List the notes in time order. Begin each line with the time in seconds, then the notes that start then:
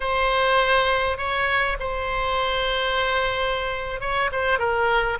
0.00 C5
1.17 C#5
1.79 C5
4.00 C#5
4.32 C5
4.58 A#4